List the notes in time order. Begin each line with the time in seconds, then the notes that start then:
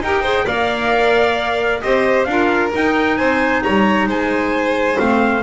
0.00 D#4 G4 A#4 G5
0.22 G#4 C5
0.45 A#3 A#4 D5 F5
1.82 C4 G4 C5 D#5
2.24 D4 F4 F5
2.30 A#4
2.71 D#4 G5
3.17 C4 C5 G#5
3.63 G3 C#5 A#5
4.07 G#3 C5 G#5
4.96 A3 C4 F5